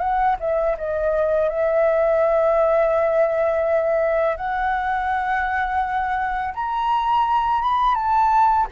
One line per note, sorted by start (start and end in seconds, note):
0.00 0.36 F#5
0.40 0.77 E5
0.78 1.50 D#5
1.50 4.37 E5
4.37 6.54 F#5
6.55 7.62 A#5
7.62 7.95 B5
7.95 8.67 A5